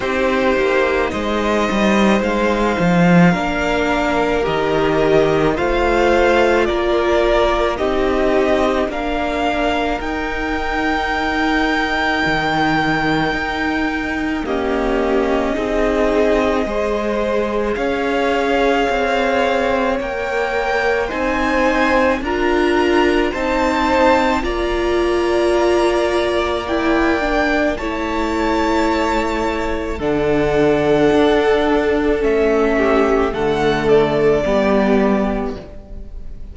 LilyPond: <<
  \new Staff \with { instrumentName = "violin" } { \time 4/4 \tempo 4 = 54 c''4 dis''4 f''2 | dis''4 f''4 d''4 dis''4 | f''4 g''2.~ | g''4 dis''2. |
f''2 g''4 gis''4 | ais''4 a''4 ais''2 | g''4 a''2 fis''4~ | fis''4 e''4 fis''8 d''4. | }
  \new Staff \with { instrumentName = "violin" } { \time 4/4 g'4 c''2 ais'4~ | ais'4 c''4 ais'4 g'4 | ais'1~ | ais'4 g'4 gis'4 c''4 |
cis''2. c''4 | ais'4 c''4 d''2~ | d''4 cis''2 a'4~ | a'4. g'8 a'4 g'4 | }
  \new Staff \with { instrumentName = "viola" } { \time 4/4 dis'2. d'4 | g'4 f'2 dis'4 | d'4 dis'2.~ | dis'4 ais4 dis'4 gis'4~ |
gis'2 ais'4 dis'4 | f'4 dis'4 f'2 | e'8 d'8 e'2 d'4~ | d'4 cis'4 a4 b4 | }
  \new Staff \with { instrumentName = "cello" } { \time 4/4 c'8 ais8 gis8 g8 gis8 f8 ais4 | dis4 a4 ais4 c'4 | ais4 dis'2 dis4 | dis'4 cis'4 c'4 gis4 |
cis'4 c'4 ais4 c'4 | d'4 c'4 ais2~ | ais4 a2 d4 | d'4 a4 d4 g4 | }
>>